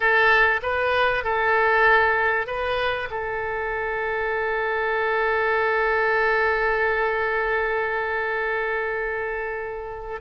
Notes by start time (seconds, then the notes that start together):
0.00 A4
0.62 B4
1.23 A4
2.46 B4
3.10 A4